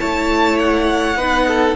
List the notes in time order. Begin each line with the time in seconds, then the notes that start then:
0.00 A3 E4 C#5 A5
0.59 F#5
1.16 B3 D#4 B4
1.48 A4